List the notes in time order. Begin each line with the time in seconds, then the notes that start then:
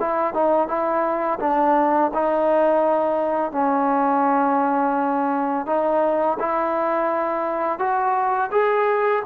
0.00 E4
0.34 D#4
0.68 E4
1.40 D4
2.14 D#4
3.52 C#4
5.67 D#4
6.40 E4
7.79 F#4
8.52 G#4